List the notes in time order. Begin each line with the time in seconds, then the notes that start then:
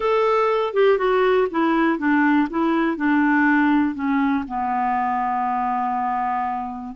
0.00 A4
0.73 G4
0.97 F#4
1.50 E4
1.98 D4
2.50 E4
2.96 D4
3.94 C#4
4.47 B3